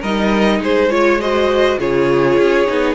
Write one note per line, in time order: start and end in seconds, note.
0.00 0.60 G3
0.00 0.90 D#4
0.00 0.59 A#4
0.00 0.62 D#5
0.60 1.77 G#3
0.60 0.89 G#4
0.60 0.92 C5
0.89 1.20 F4
0.89 1.19 C#5
0.89 1.21 C#5
1.20 1.79 F#4
1.20 1.79 C5
1.20 1.80 D#5
1.79 2.38 C#3
1.79 2.67 F4
1.79 2.95 G#4
1.79 2.95 C#5
2.38 2.68 C#4
2.67 2.95 B3
2.67 2.95 D#4